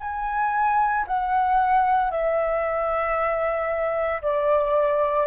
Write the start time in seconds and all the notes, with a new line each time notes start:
0.00 G#5
1.07 F#5
2.11 E5
4.22 D5